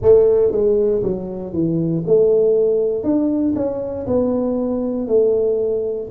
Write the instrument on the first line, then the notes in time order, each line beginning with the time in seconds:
tuba
0.02 A3
0.51 G#3
1.03 F#3
1.53 E3
2.06 A3
3.03 D4
3.55 C#4
4.07 B3
5.07 A3